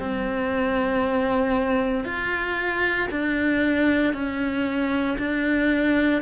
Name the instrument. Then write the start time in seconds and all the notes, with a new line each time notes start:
cello
0.00 C4
2.05 F4
3.11 D4
4.14 C#4
5.19 D4